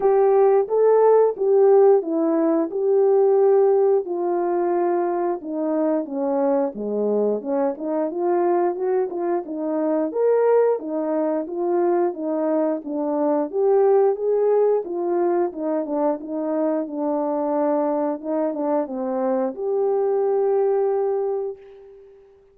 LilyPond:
\new Staff \with { instrumentName = "horn" } { \time 4/4 \tempo 4 = 89 g'4 a'4 g'4 e'4 | g'2 f'2 | dis'4 cis'4 gis4 cis'8 dis'8 | f'4 fis'8 f'8 dis'4 ais'4 |
dis'4 f'4 dis'4 d'4 | g'4 gis'4 f'4 dis'8 d'8 | dis'4 d'2 dis'8 d'8 | c'4 g'2. | }